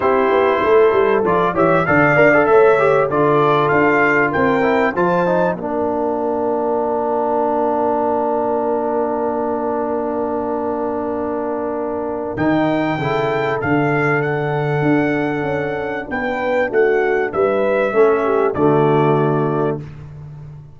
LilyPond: <<
  \new Staff \with { instrumentName = "trumpet" } { \time 4/4 \tempo 4 = 97 c''2 d''8 e''8 f''4 | e''4 d''4 f''4 g''4 | a''4 f''2.~ | f''1~ |
f''1 | g''2 f''4 fis''4~ | fis''2 g''4 fis''4 | e''2 d''2 | }
  \new Staff \with { instrumentName = "horn" } { \time 4/4 g'4 a'4. cis''8 d''4 | cis''4 a'2 ais'4 | c''4 ais'2.~ | ais'1~ |
ais'1~ | ais'4 a'2.~ | a'2 b'4 fis'4 | b'4 a'8 g'8 fis'2 | }
  \new Staff \with { instrumentName = "trombone" } { \time 4/4 e'2 f'8 g'8 a'8 ais'16 a'16~ | a'8 g'8 f'2~ f'8 e'8 | f'8 dis'8 d'2.~ | d'1~ |
d'1 | dis'4 e'4 d'2~ | d'1~ | d'4 cis'4 a2 | }
  \new Staff \with { instrumentName = "tuba" } { \time 4/4 c'8 b8 a8 g8 f8 e8 d8 d'8 | a4 d4 d'4 c'4 | f4 ais2.~ | ais1~ |
ais1 | dis4 cis4 d2 | d'4 cis'4 b4 a4 | g4 a4 d2 | }
>>